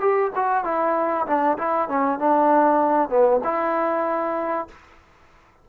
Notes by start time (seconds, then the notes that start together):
0.00 G4
0.35 F#4
0.64 E4
1.27 D4
1.57 E4
1.89 C#4
2.19 D4
3.10 B3
3.44 E4